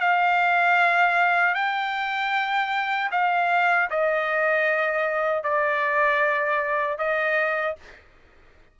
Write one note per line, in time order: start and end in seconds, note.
0.00 1.54 F5
1.54 3.10 G5
3.11 3.89 F5
3.90 5.43 D#5
5.43 6.98 D5
6.98 7.76 D#5